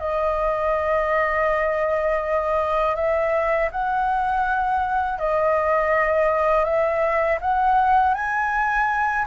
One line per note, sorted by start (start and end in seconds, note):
0.00 2.96 D#5
2.96 3.70 E5
3.72 5.19 F#5
5.19 6.65 D#5
6.65 7.39 E5
7.41 8.14 F#5
8.14 9.26 G#5